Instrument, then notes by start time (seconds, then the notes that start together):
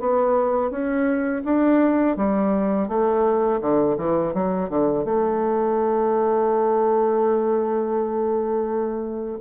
bassoon
0.00 B3
0.70 C#4
1.45 D4
2.17 G3
2.88 A3
3.61 D3
3.98 E3
4.34 F#3
4.70 D3
5.04 A3